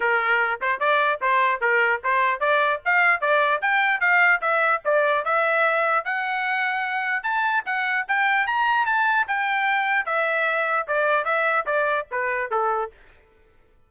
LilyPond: \new Staff \with { instrumentName = "trumpet" } { \time 4/4 \tempo 4 = 149 ais'4. c''8 d''4 c''4 | ais'4 c''4 d''4 f''4 | d''4 g''4 f''4 e''4 | d''4 e''2 fis''4~ |
fis''2 a''4 fis''4 | g''4 ais''4 a''4 g''4~ | g''4 e''2 d''4 | e''4 d''4 b'4 a'4 | }